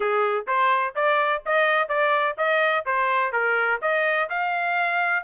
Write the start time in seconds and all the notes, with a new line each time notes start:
0.00 G#4
0.47 C5
0.95 D5
1.45 D#5
1.88 D5
2.37 D#5
2.85 C5
3.32 A#4
3.81 D#5
4.29 F5